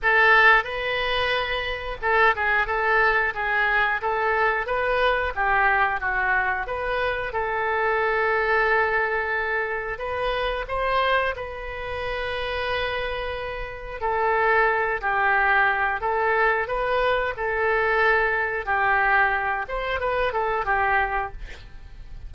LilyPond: \new Staff \with { instrumentName = "oboe" } { \time 4/4 \tempo 4 = 90 a'4 b'2 a'8 gis'8 | a'4 gis'4 a'4 b'4 | g'4 fis'4 b'4 a'4~ | a'2. b'4 |
c''4 b'2.~ | b'4 a'4. g'4. | a'4 b'4 a'2 | g'4. c''8 b'8 a'8 g'4 | }